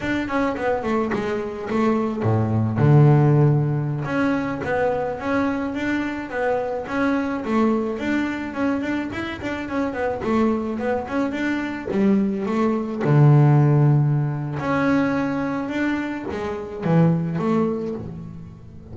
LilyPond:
\new Staff \with { instrumentName = "double bass" } { \time 4/4 \tempo 4 = 107 d'8 cis'8 b8 a8 gis4 a4 | a,4 d2~ d16 cis'8.~ | cis'16 b4 cis'4 d'4 b8.~ | b16 cis'4 a4 d'4 cis'8 d'16~ |
d'16 e'8 d'8 cis'8 b8 a4 b8 cis'16~ | cis'16 d'4 g4 a4 d8.~ | d2 cis'2 | d'4 gis4 e4 a4 | }